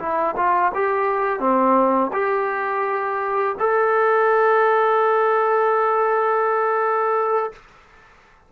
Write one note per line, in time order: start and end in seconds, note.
0.00 0.36 E4
0.37 0.72 F4
0.75 1.40 G4
1.40 2.11 C4
2.13 3.56 G4
3.60 7.53 A4